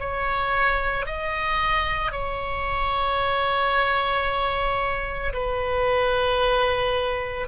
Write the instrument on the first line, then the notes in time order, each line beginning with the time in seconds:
oboe
0.00 C#5
1.06 D#5
2.12 C#5
5.34 B4